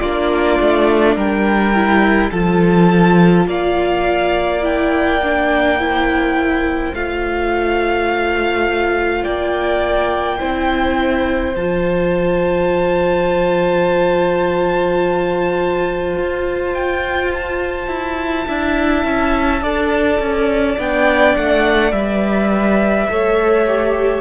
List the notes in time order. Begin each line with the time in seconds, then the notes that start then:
0.00 A#3 D4 F4 D5
0.61 A3
1.16 G3 A#4 G5
1.75 E4
2.31 F3 F4 A4 A5
3.47 A#3 D5 F5
4.62 E4 G5
5.24 D4
5.79 E4 C5
6.94 A3 F4 F5
9.24 A#3 D5 G5
10.40 C4 E4 C5
11.56 F3 F4 A5
16.17 F4
16.74 G5
17.34 A5
17.88 E4
18.47 D4 E4 E5
19.05 C#4
19.62 D4 A4 D5
20.20 C#4
20.78 B3 D4 G5
21.37 A3 F#5
21.93 G3 B4 E5
23.10 A3 A4 C#5
23.68 G4